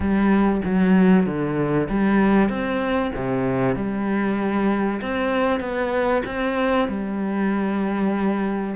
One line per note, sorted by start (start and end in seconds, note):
0.00 0.61 G3
0.64 1.26 F#3
1.26 1.88 D3
1.89 2.49 G3
2.49 3.11 C4
3.15 3.75 C3
3.75 5.00 G3
5.01 5.60 C4
5.60 6.22 B3
6.25 6.88 C4
6.88 8.75 G3